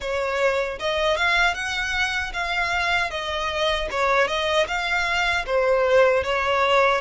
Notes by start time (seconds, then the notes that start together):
0.00 C#5
0.79 D#5
1.17 F5
1.54 F#5
2.33 F5
3.10 D#5
3.90 C#5
4.27 D#5
4.67 F5
5.46 C5
6.23 C#5